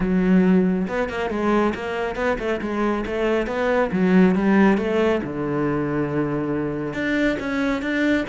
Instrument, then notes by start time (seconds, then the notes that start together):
cello
0.00 F#3
0.88 B3
1.09 A#3
1.29 G#3
1.74 A#3
2.15 B3
2.38 A3
2.61 G#3
3.06 A3
3.46 B3
3.92 F#3
4.35 G3
4.77 A3
5.23 D3
6.93 D4
7.39 C#4
7.82 D4